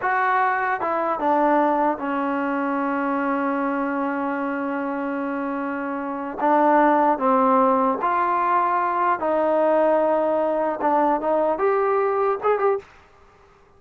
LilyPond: \new Staff \with { instrumentName = "trombone" } { \time 4/4 \tempo 4 = 150 fis'2 e'4 d'4~ | d'4 cis'2.~ | cis'1~ | cis'1 |
d'2 c'2 | f'2. dis'4~ | dis'2. d'4 | dis'4 g'2 gis'8 g'8 | }